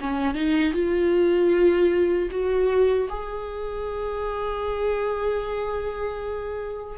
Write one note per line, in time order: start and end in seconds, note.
0.00 0.34 C#4
0.34 0.73 D#4
0.73 2.29 F4
2.31 3.09 F#4
3.09 6.98 G#4